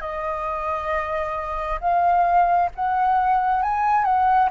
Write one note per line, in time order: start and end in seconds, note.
0.00 1.79 D#5
1.80 2.69 F5
2.75 3.62 F#5
3.62 4.04 G#5
4.04 4.49 F#5